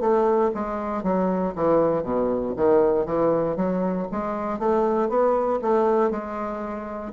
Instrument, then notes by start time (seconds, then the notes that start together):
bassoon
0.00 A3
0.54 G#3
1.03 F#3
1.55 E3
2.03 B2
2.56 D#3
3.06 E3
3.56 F#3
4.11 G#3
4.59 A3
5.09 B3
5.62 A3
6.11 G#3